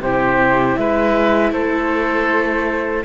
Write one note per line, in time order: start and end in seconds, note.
0.00 0.76 C3
0.00 3.04 E4
0.00 0.79 G4
0.00 0.76 C5
0.76 1.52 G#3
0.76 1.52 B4
0.76 1.52 E5
1.52 3.04 A3
1.52 3.04 A4
1.52 3.04 C5